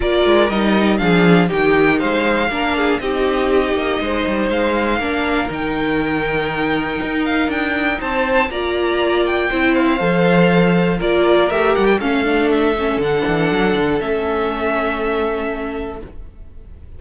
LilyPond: <<
  \new Staff \with { instrumentName = "violin" } { \time 4/4 \tempo 4 = 120 d''4 dis''4 f''4 g''4 | f''2 dis''2~ | dis''4 f''2 g''4~ | g''2~ g''8 f''8 g''4 |
a''4 ais''4. g''4 f''8~ | f''2 d''4 e''8 fis''16 g''16 | f''4 e''4 fis''2 | e''1 | }
  \new Staff \with { instrumentName = "violin" } { \time 4/4 ais'2 gis'4 g'4 | c''4 ais'8 gis'8 g'2 | c''2 ais'2~ | ais'1 |
c''4 d''2 c''4~ | c''2 ais'2 | a'1~ | a'1 | }
  \new Staff \with { instrumentName = "viola" } { \time 4/4 f'4 dis'4 d'4 dis'4~ | dis'4 d'4 dis'2~ | dis'2 d'4 dis'4~ | dis'1~ |
dis'4 f'2 e'4 | a'2 f'4 g'4 | cis'8 d'4 cis'8 d'2 | cis'1 | }
  \new Staff \with { instrumentName = "cello" } { \time 4/4 ais8 gis8 g4 f4 dis4 | gis4 ais4 c'4. ais8 | gis8 g8 gis4 ais4 dis4~ | dis2 dis'4 d'4 |
c'4 ais2 c'4 | f2 ais4 a8 g8 | a2 d8 e8 fis8 d8 | a1 | }
>>